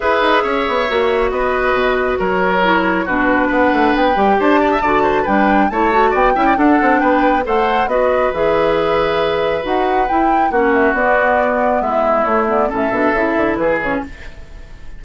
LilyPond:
<<
  \new Staff \with { instrumentName = "flute" } { \time 4/4 \tempo 4 = 137 e''2. dis''4~ | dis''4 cis''2 b'4 | fis''4 g''4 a''2 | g''4 a''4 g''4 fis''4 |
g''4 fis''4 dis''4 e''4~ | e''2 fis''4 g''4 | fis''8 e''8 d''2 e''4 | cis''8 d''8 e''2 b'8 cis''8 | }
  \new Staff \with { instrumentName = "oboe" } { \time 4/4 b'4 cis''2 b'4~ | b'4 ais'2 fis'4 | b'2 c''8 d''16 e''16 d''8 c''8 | b'4 cis''4 d''8 e''16 d''16 a'4 |
b'4 c''4 b'2~ | b'1 | fis'2. e'4~ | e'4 a'2 gis'4 | }
  \new Staff \with { instrumentName = "clarinet" } { \time 4/4 gis'2 fis'2~ | fis'2 e'4 d'4~ | d'4. g'4. fis'4 | d'4 e'8 fis'4 e'8 d'4~ |
d'4 a'4 fis'4 gis'4~ | gis'2 fis'4 e'4 | cis'4 b2. | a8 b8 cis'8 d'8 e'4. cis'8 | }
  \new Staff \with { instrumentName = "bassoon" } { \time 4/4 e'8 dis'8 cis'8 b8 ais4 b4 | b,4 fis2 b,4 | b8 a8 b8 g8 d'4 d4 | g4 a4 b8 cis'8 d'8 c'8 |
b4 a4 b4 e4~ | e2 dis'4 e'4 | ais4 b2 gis4 | a4 a,8 b,8 cis8 d8 e4 | }
>>